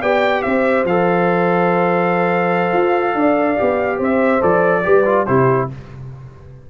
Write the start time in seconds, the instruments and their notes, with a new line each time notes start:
0.00 tuba B3, trombone G4, horn D5, trumpet G5
0.42 tuba C4, horn C5, trumpet E5
0.84 tuba F3, trombone A4, trumpet F5
2.73 tuba F4
3.14 tuba D4, horn D5
3.57 tuba B3, trombone G4
3.97 tuba C4, horn C5, trumpet E5
4.40 tuba F3, trombone A4, trumpet D5
4.83 tuba G3, trombone G4, horn B4
5.05 trombone F4
5.26 tuba C3, trombone E4, horn G4, trumpet C5